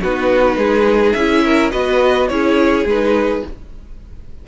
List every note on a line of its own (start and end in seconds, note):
0.00 0.57 B3
0.00 1.18 D#4
0.00 0.57 F#4
0.00 1.13 B4
0.57 1.14 G#3
0.57 1.44 G#4
1.13 1.73 C#4
1.13 1.72 E4
1.13 1.70 E5
1.45 1.72 A#4
1.72 2.30 B3
1.72 2.29 F#4
1.72 2.29 B4
1.72 2.28 D#5
2.28 2.85 C#4
2.28 2.87 E4
2.28 3.46 G#4
2.28 2.85 C#5
2.85 3.42 G#3
2.85 3.47 D#4
2.85 3.46 B4